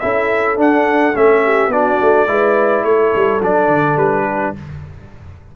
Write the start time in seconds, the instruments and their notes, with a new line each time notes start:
0.00 tuba C#4, trombone E4, horn A4, trumpet E5
0.57 trombone D4, tuba D4, trumpet F#5
1.14 tuba A3, trombone C#4, trumpet E5
1.44 horn G4
1.68 tuba B3, trombone D4, horn F#4, trumpet D5
2.01 tuba A3
2.28 tuba G#3, trombone E4, horn B4
2.84 tuba A3, horn A4, trumpet C#5
3.16 tuba G3
3.41 tuba F#3, trombone D4, trumpet D5
3.69 tuba D3
3.97 tuba G3, trumpet B4
4.25 horn G4